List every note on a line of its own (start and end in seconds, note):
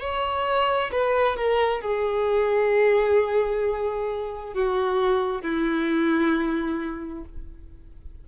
0.00 0.91 C#5
0.91 1.36 B4
1.36 1.81 A#4
1.81 4.54 G#4
4.54 5.42 F#4
5.42 7.24 E4